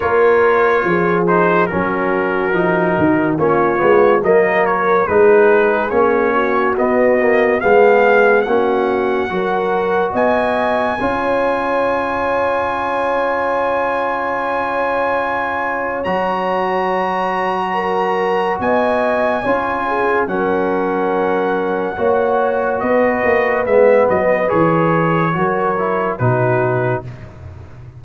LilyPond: <<
  \new Staff \with { instrumentName = "trumpet" } { \time 4/4 \tempo 4 = 71 cis''4. c''8 ais'2 | cis''4 dis''8 cis''8 b'4 cis''4 | dis''4 f''4 fis''2 | gis''1~ |
gis''2. ais''4~ | ais''2 gis''2 | fis''2. dis''4 | e''8 dis''8 cis''2 b'4 | }
  \new Staff \with { instrumentName = "horn" } { \time 4/4 ais'4 gis'4 fis'2 | f'4 ais'4 gis'4. fis'8~ | fis'4 gis'4 fis'4 ais'4 | dis''4 cis''2.~ |
cis''1~ | cis''4 ais'4 dis''4 cis''8 gis'8 | ais'2 cis''4 b'4~ | b'2 ais'4 fis'4 | }
  \new Staff \with { instrumentName = "trombone" } { \time 4/4 f'4. dis'8 cis'4 dis'4 | cis'8 b8 ais4 dis'4 cis'4 | b8 ais8 b4 cis'4 fis'4~ | fis'4 f'2.~ |
f'2. fis'4~ | fis'2. f'4 | cis'2 fis'2 | b4 gis'4 fis'8 e'8 dis'4 | }
  \new Staff \with { instrumentName = "tuba" } { \time 4/4 ais4 f4 fis4 f8 dis8 | ais8 gis8 fis4 gis4 ais4 | b4 gis4 ais4 fis4 | b4 cis'2.~ |
cis'2. fis4~ | fis2 b4 cis'4 | fis2 ais4 b8 ais8 | gis8 fis8 e4 fis4 b,4 | }
>>